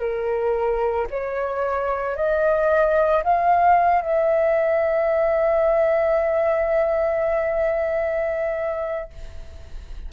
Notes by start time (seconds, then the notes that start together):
0.00 A#4
1.11 C#5
2.16 D#5
3.24 F5
4.02 E5